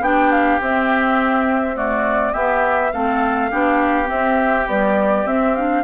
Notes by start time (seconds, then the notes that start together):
0.00 B3 D4 G4 G5
0.31 F5
0.60 C4 E5
1.75 A3 F#4 D5
2.33 B3 G4 E5
2.92 A3 C4 A4 F5
3.50 B3 D4 G4
4.05 C4 E5
4.66 G3 B3 D5
5.25 C4 E5
5.55 D4 F5